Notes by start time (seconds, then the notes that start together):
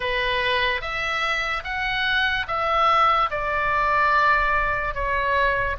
0.00 B4
0.81 E5
1.64 F#5
2.47 E5
3.30 D5
4.94 C#5